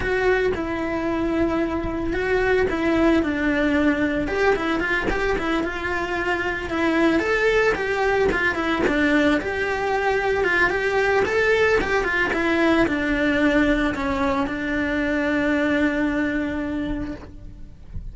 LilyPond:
\new Staff \with { instrumentName = "cello" } { \time 4/4 \tempo 4 = 112 fis'4 e'2. | fis'4 e'4 d'2 | g'8 e'8 f'8 g'8 e'8 f'4.~ | f'8 e'4 a'4 g'4 f'8 |
e'8 d'4 g'2 f'8 | g'4 a'4 g'8 f'8 e'4 | d'2 cis'4 d'4~ | d'1 | }